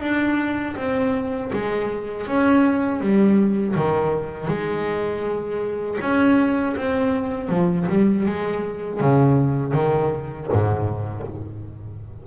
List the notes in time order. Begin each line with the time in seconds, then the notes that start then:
0.00 D4
0.76 C4
1.52 G#3
2.26 C#4
3.00 G3
3.75 D#3
4.48 G#3
6.00 C#4
6.76 C4
7.49 F3
7.89 G3
8.26 G#3
9.00 C#3
9.73 D#3
10.52 G#2